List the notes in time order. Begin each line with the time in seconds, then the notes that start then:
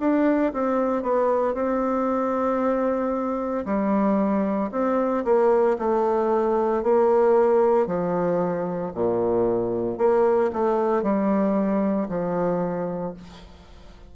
0.00 D4
0.53 C4
1.03 B3
1.55 C4
3.66 G3
4.72 C4
5.24 A#3
5.79 A3
6.83 A#3
7.87 F3
8.94 A#2
9.98 A#3
10.53 A3
11.03 G3
12.09 F3